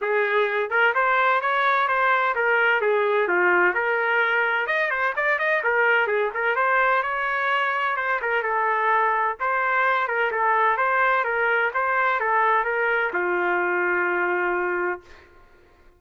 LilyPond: \new Staff \with { instrumentName = "trumpet" } { \time 4/4 \tempo 4 = 128 gis'4. ais'8 c''4 cis''4 | c''4 ais'4 gis'4 f'4 | ais'2 dis''8 c''8 d''8 dis''8 | ais'4 gis'8 ais'8 c''4 cis''4~ |
cis''4 c''8 ais'8 a'2 | c''4. ais'8 a'4 c''4 | ais'4 c''4 a'4 ais'4 | f'1 | }